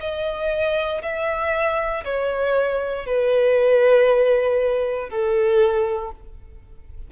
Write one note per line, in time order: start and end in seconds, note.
0.00 1.02 D#5
1.02 2.04 E5
2.04 3.06 C#5
3.06 5.09 B4
5.09 6.11 A4